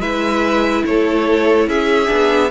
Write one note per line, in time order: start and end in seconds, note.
0.00 0.83 G#3
0.00 2.07 E4
0.00 0.84 B4
0.00 0.85 E5
0.86 1.68 A3
0.86 1.69 A4
0.86 1.69 C#5
1.68 2.09 C#4
1.68 2.51 G#4
1.68 2.51 E5
2.07 2.51 B3
2.07 2.48 D4